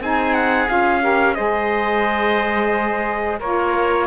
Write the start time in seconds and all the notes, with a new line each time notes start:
0.00 C4 D#4 G#4 G#5
0.34 F#5
0.67 C#4 F4 F5
1.00 G4 A#4
1.34 G#3 G#4 C5 D#5
3.39 A#3 F4 A#4 C#5